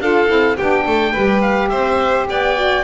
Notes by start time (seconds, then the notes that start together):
0.00 D4 F4 A4 F5
0.28 C4 E4
0.57 B3 D4 G4 G5
0.87 A3 A4
1.13 G3 G4 B4
1.42 F5
1.69 C4 C5 E5
2.30 B3 D5 G5
2.56 F#4